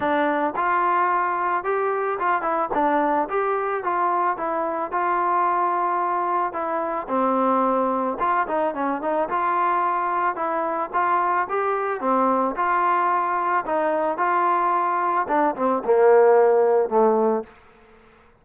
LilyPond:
\new Staff \with { instrumentName = "trombone" } { \time 4/4 \tempo 4 = 110 d'4 f'2 g'4 | f'8 e'8 d'4 g'4 f'4 | e'4 f'2. | e'4 c'2 f'8 dis'8 |
cis'8 dis'8 f'2 e'4 | f'4 g'4 c'4 f'4~ | f'4 dis'4 f'2 | d'8 c'8 ais2 a4 | }